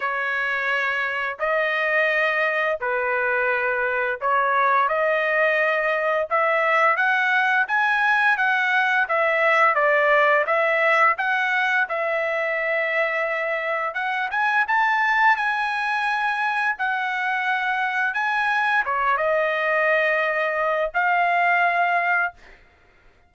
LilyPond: \new Staff \with { instrumentName = "trumpet" } { \time 4/4 \tempo 4 = 86 cis''2 dis''2 | b'2 cis''4 dis''4~ | dis''4 e''4 fis''4 gis''4 | fis''4 e''4 d''4 e''4 |
fis''4 e''2. | fis''8 gis''8 a''4 gis''2 | fis''2 gis''4 cis''8 dis''8~ | dis''2 f''2 | }